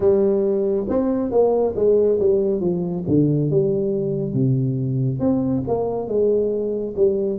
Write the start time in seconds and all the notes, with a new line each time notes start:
0.00 G3
0.88 C4
1.31 A#3
1.75 G#3
2.19 G3
2.60 F3
3.07 D3
3.50 G3
4.33 C3
5.19 C4
5.68 A#3
6.07 G#3
6.96 G3